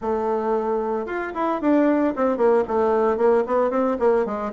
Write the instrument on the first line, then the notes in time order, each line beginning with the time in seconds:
bassoon
0.01 A3
1.05 F4
1.34 E4
1.61 D4
2.16 C4
2.37 A#3
2.67 A3
3.17 A#3
3.46 B3
3.70 C4
3.99 A#3
4.25 G#3